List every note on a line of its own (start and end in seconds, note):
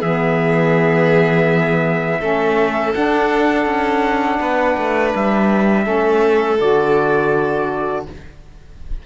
0.00 2.21 E3
0.00 2.21 B3
0.00 2.20 G#4
0.00 2.94 E5
2.20 2.95 A3
2.20 2.94 C#4
2.20 4.40 A4
2.94 5.83 D4
2.94 3.66 D4
2.94 5.14 F#5
3.66 4.39 C#4
4.40 4.77 B3
4.40 5.84 B4
4.78 5.15 A3
5.16 5.87 G3
5.16 6.60 E5
5.83 6.60 A3
5.83 6.56 C#4
5.83 8.04 A4
6.59 8.07 D3
6.59 8.06 F#4
6.59 8.07 D5